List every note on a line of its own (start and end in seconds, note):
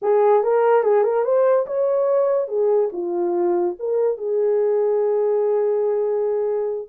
0.02 0.43 G#4
0.43 0.83 A#4
0.83 1.03 G#4
1.03 1.24 A#4
1.24 1.66 C5
1.66 2.48 C#5
2.48 2.89 G#4
2.92 3.76 F4
3.79 4.17 A#4
4.17 6.88 G#4